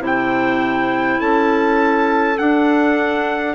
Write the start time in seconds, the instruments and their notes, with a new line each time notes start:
0.00 bassoon C3, clarinet E4 C5
0.07 trumpet G5
1.21 bassoon C#4, clarinet A4, trumpet A5
2.38 clarinet D4, bassoon D4, trumpet F#5